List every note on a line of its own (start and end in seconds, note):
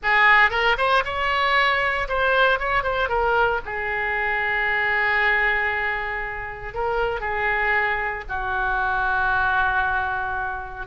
0.03 0.50 G#4
0.50 0.76 A#4
0.77 1.03 C5
1.04 2.08 C#5
2.08 2.59 C5
2.59 2.83 C#5
2.83 3.08 C5
3.08 3.60 A#4
3.65 6.74 G#4
6.74 7.20 A#4
7.20 8.24 G#4
8.28 10.86 F#4